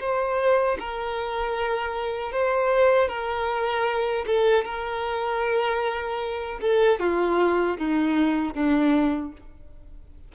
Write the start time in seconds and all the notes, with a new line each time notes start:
0.00 C5
0.79 A#4
2.32 C5
3.09 A#4
4.26 A4
4.65 A#4
6.61 A4
7.00 F4
7.77 D#4
8.54 D4